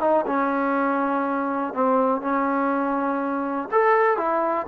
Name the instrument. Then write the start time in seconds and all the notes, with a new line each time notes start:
trombone
0.00 D#4
0.26 C#4
1.73 C4
2.21 C#4
3.71 A4
4.17 E4